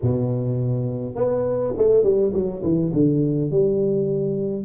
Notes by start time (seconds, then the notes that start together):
0.02 B2
1.15 B3
1.77 A3
2.03 G3
2.33 F#3
2.63 E3
2.93 D3
3.50 G3